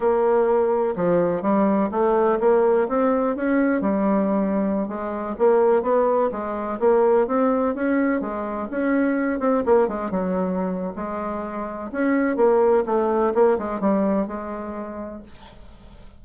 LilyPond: \new Staff \with { instrumentName = "bassoon" } { \time 4/4 \tempo 4 = 126 ais2 f4 g4 | a4 ais4 c'4 cis'4 | g2~ g16 gis4 ais8.~ | ais16 b4 gis4 ais4 c'8.~ |
c'16 cis'4 gis4 cis'4. c'16~ | c'16 ais8 gis8 fis4.~ fis16 gis4~ | gis4 cis'4 ais4 a4 | ais8 gis8 g4 gis2 | }